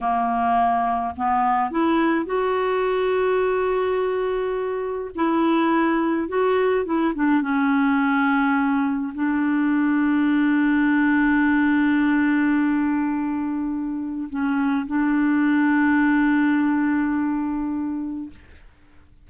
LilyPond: \new Staff \with { instrumentName = "clarinet" } { \time 4/4 \tempo 4 = 105 ais2 b4 e'4 | fis'1~ | fis'4 e'2 fis'4 | e'8 d'8 cis'2. |
d'1~ | d'1~ | d'4 cis'4 d'2~ | d'1 | }